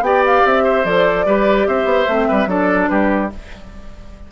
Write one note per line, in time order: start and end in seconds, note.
0.00 0.41 B3
0.00 0.85 G4
0.00 0.63 D5
0.00 0.24 G5
0.26 0.46 F5
0.45 0.84 C4
0.45 0.85 E5
0.63 1.25 C5
0.84 1.25 F3
0.84 1.26 A4
0.84 1.67 D5
1.25 1.66 G3
1.25 2.08 G4
1.25 1.67 B4
1.67 1.84 C4
1.67 2.28 C5
1.67 2.49 E5
1.84 2.05 B3
2.08 2.28 A3
2.08 2.47 C4
2.28 2.46 G3
2.28 2.48 B4
2.46 2.87 F#3
2.46 3.30 D4
2.46 2.90 A4
2.46 2.88 D5
2.88 3.32 G3
2.88 3.31 G4
2.88 3.29 B4